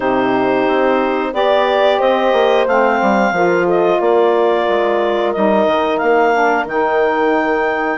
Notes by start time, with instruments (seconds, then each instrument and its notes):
0.00 bassoon C3, saxophone D#4, horn G4, clarinet C5
0.67 bassoon C4
1.33 bassoon B3, saxophone G4, clarinet D5, horn D5
1.97 bassoon C4, horn C5, clarinet D#5
2.32 bassoon A#3
2.67 bassoon A3, saxophone C4, clarinet F5
3.01 bassoon G3
3.31 bassoon F3, saxophone F4, horn A#4
3.66 horn A4, clarinet D#5
3.99 bassoon A#3, horn A#4, clarinet D5
4.68 bassoon G#3
5.32 bassoon G3, saxophone D#4, clarinet D#5
5.66 bassoon D#3
5.98 bassoon A#3, clarinet F5
6.33 saxophone D4
6.65 bassoon D#3, saxophone D#4, clarinet G5